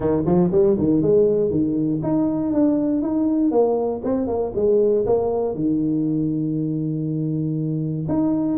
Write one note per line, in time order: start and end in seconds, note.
0.00 0.24 D#3
0.25 0.50 F3
0.51 0.76 G3
0.78 1.02 D#3
1.02 1.50 G#3
1.50 2.00 D#3
2.02 2.53 D#4
2.53 3.01 D4
3.01 3.51 D#4
3.51 4.01 A#3
4.04 4.27 C4
4.27 4.52 A#3
4.55 5.05 G#3
5.06 5.54 A#3
5.54 8.06 D#3
8.08 8.58 D#4